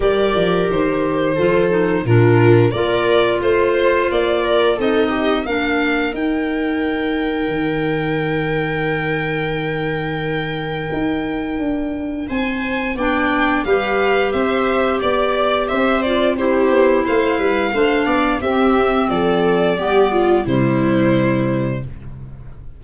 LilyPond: <<
  \new Staff \with { instrumentName = "violin" } { \time 4/4 \tempo 4 = 88 d''4 c''2 ais'4 | d''4 c''4 d''4 dis''4 | f''4 g''2.~ | g''1~ |
g''2 gis''4 g''4 | f''4 e''4 d''4 e''8 d''8 | c''4 f''2 e''4 | d''2 c''2 | }
  \new Staff \with { instrumentName = "viola" } { \time 4/4 ais'2 a'4 f'4 | ais'4 c''4. ais'8 a'8 g'8 | ais'1~ | ais'1~ |
ais'2 c''4 d''4 | b'4 c''4 d''4 c''4 | g'4 c''8 b'8 c''8 d''8 g'4 | a'4 g'8 f'8 e'2 | }
  \new Staff \with { instrumentName = "clarinet" } { \time 4/4 g'2 f'8 dis'8 d'4 | f'2. dis'4 | d'4 dis'2.~ | dis'1~ |
dis'2. d'4 | g'2.~ g'8 f'8 | e'2 d'4 c'4~ | c'4 b4 g2 | }
  \new Staff \with { instrumentName = "tuba" } { \time 4/4 g8 f8 dis4 f4 ais,4 | ais4 a4 ais4 c'4 | ais4 dis'2 dis4~ | dis1 |
dis'4 d'4 c'4 b4 | g4 c'4 b4 c'4~ | c'8 b8 a8 g8 a8 b8 c'4 | f4 g4 c2 | }
>>